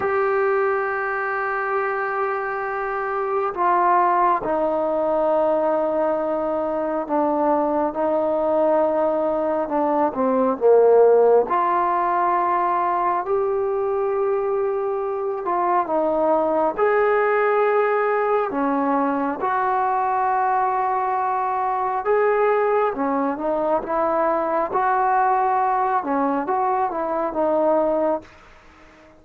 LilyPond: \new Staff \with { instrumentName = "trombone" } { \time 4/4 \tempo 4 = 68 g'1 | f'4 dis'2. | d'4 dis'2 d'8 c'8 | ais4 f'2 g'4~ |
g'4. f'8 dis'4 gis'4~ | gis'4 cis'4 fis'2~ | fis'4 gis'4 cis'8 dis'8 e'4 | fis'4. cis'8 fis'8 e'8 dis'4 | }